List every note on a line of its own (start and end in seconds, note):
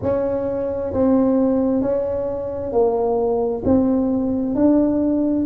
0.02 0.93 C#4
0.93 1.81 C4
1.81 2.72 C#4
2.72 3.63 A#3
3.64 4.55 C4
4.55 5.45 D4